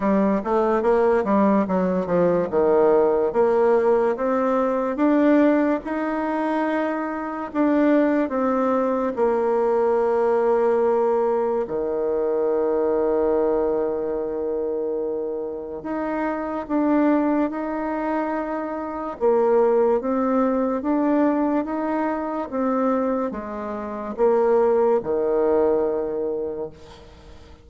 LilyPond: \new Staff \with { instrumentName = "bassoon" } { \time 4/4 \tempo 4 = 72 g8 a8 ais8 g8 fis8 f8 dis4 | ais4 c'4 d'4 dis'4~ | dis'4 d'4 c'4 ais4~ | ais2 dis2~ |
dis2. dis'4 | d'4 dis'2 ais4 | c'4 d'4 dis'4 c'4 | gis4 ais4 dis2 | }